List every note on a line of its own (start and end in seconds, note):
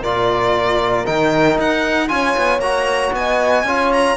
0.00 1.05 A#2
0.00 1.06 F4
0.00 2.07 A#4
0.00 1.06 D5
1.06 1.58 D#3
1.06 2.08 D#4
1.06 1.57 G5
1.58 2.10 D#4
1.58 2.08 F#5
2.08 2.36 C#4
2.08 2.60 F4
2.08 3.16 C#5
2.08 2.60 G#5
2.37 2.59 B3
2.59 3.10 A#3
2.59 3.66 F#4
2.59 3.12 A#5
3.12 3.64 B3
3.12 3.66 D#5
3.12 3.93 G#5
3.64 4.15 C#4
3.64 4.17 F4
3.64 4.17 C#5
3.93 4.17 A#5